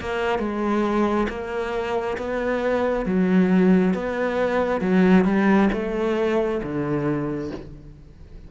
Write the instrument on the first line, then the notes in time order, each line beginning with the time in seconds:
cello
0.00 A#3
0.39 G#3
1.28 A#3
2.17 B3
3.05 F#3
3.94 B3
4.80 F#3
5.25 G3
5.73 A3
6.62 D3